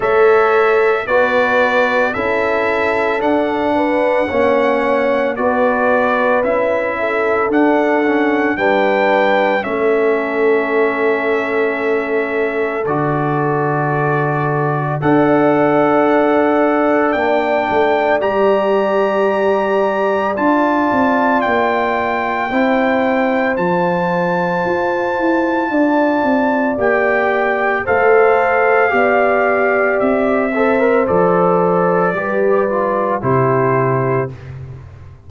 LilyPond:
<<
  \new Staff \with { instrumentName = "trumpet" } { \time 4/4 \tempo 4 = 56 e''4 d''4 e''4 fis''4~ | fis''4 d''4 e''4 fis''4 | g''4 e''2. | d''2 fis''2 |
g''4 ais''2 a''4 | g''2 a''2~ | a''4 g''4 f''2 | e''4 d''2 c''4 | }
  \new Staff \with { instrumentName = "horn" } { \time 4/4 cis''4 b'4 a'4. b'8 | cis''4 b'4. a'4. | b'4 a'2.~ | a'2 d''2~ |
d''1~ | d''4 c''2. | d''2 c''4 d''4~ | d''8 c''4. b'4 g'4 | }
  \new Staff \with { instrumentName = "trombone" } { \time 4/4 a'4 fis'4 e'4 d'4 | cis'4 fis'4 e'4 d'8 cis'8 | d'4 cis'2. | fis'2 a'2 |
d'4 g'2 f'4~ | f'4 e'4 f'2~ | f'4 g'4 a'4 g'4~ | g'8 a'16 ais'16 a'4 g'8 f'8 e'4 | }
  \new Staff \with { instrumentName = "tuba" } { \time 4/4 a4 b4 cis'4 d'4 | ais4 b4 cis'4 d'4 | g4 a2. | d2 d'2 |
ais8 a8 g2 d'8 c'8 | ais4 c'4 f4 f'8 e'8 | d'8 c'8 ais4 a4 b4 | c'4 f4 g4 c4 | }
>>